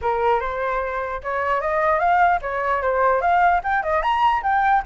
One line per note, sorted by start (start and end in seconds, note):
0.01 0.40 A#4
0.40 1.21 C5
1.23 1.60 C#5
1.60 1.99 D#5
1.99 2.39 F5
2.41 2.82 C#5
2.82 3.21 C5
3.21 3.61 F5
3.63 3.83 G5
3.83 4.02 D#5
4.02 4.42 A#5
4.42 4.82 G5